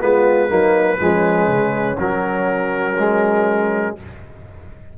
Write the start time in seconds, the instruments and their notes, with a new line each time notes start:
0.00 tuba G#3, trombone B3, horn F4, trumpet B4
0.48 tuba F#3, trombone A#3, horn D#4
0.98 tuba F3, trombone G#3, horn C#4
1.47 tuba C#3
1.98 tuba F#3, trombone F#3, trumpet A#4
2.98 trombone G#3